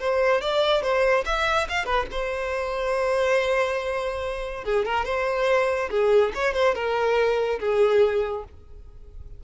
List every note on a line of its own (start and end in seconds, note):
0.00 0.41 C5
0.41 0.83 D5
0.83 1.25 C5
1.26 1.68 E5
1.69 1.85 F5
1.85 2.06 B4
2.12 4.65 C5
4.65 4.86 G#4
4.86 5.05 A#4
5.05 5.90 C5
5.91 6.33 G#4
6.35 6.54 C#5
6.54 6.75 C5
6.75 7.60 A#4
7.60 8.44 G#4